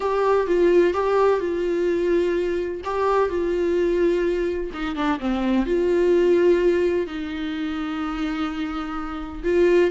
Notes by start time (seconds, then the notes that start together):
0.00 G4
0.46 F4
0.93 G4
1.39 F4
2.84 G4
3.29 F4
4.73 D#4
4.95 D4
5.19 C4
5.66 F4
7.07 D#4
9.43 F4